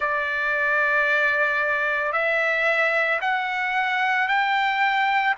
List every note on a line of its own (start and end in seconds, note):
0.00 2.12 D5
2.12 3.19 E5
3.21 4.28 F#5
4.28 5.35 G5